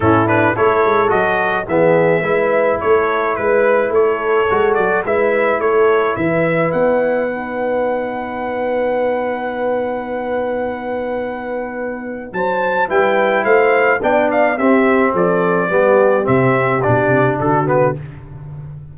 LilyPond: <<
  \new Staff \with { instrumentName = "trumpet" } { \time 4/4 \tempo 4 = 107 a'8 b'8 cis''4 dis''4 e''4~ | e''4 cis''4 b'4 cis''4~ | cis''8 d''8 e''4 cis''4 e''4 | fis''1~ |
fis''1~ | fis''2 a''4 g''4 | f''4 g''8 f''8 e''4 d''4~ | d''4 e''4 d''4 a'8 b'8 | }
  \new Staff \with { instrumentName = "horn" } { \time 4/4 e'4 a'2 gis'4 | b'4 a'4 b'4 a'4~ | a'4 b'4 a'4 b'4~ | b'1~ |
b'1~ | b'2 c''4 b'4 | c''4 d''4 g'4 a'4 | g'2. fis'4 | }
  \new Staff \with { instrumentName = "trombone" } { \time 4/4 cis'8 d'8 e'4 fis'4 b4 | e'1 | fis'4 e'2.~ | e'4 dis'2.~ |
dis'1~ | dis'2. e'4~ | e'4 d'4 c'2 | b4 c'4 d'4. b8 | }
  \new Staff \with { instrumentName = "tuba" } { \time 4/4 a,4 a8 gis8 fis4 e4 | gis4 a4 gis4 a4 | gis8 fis8 gis4 a4 e4 | b1~ |
b1~ | b2 fis4 g4 | a4 b4 c'4 f4 | g4 c4 b,8 c8 d4 | }
>>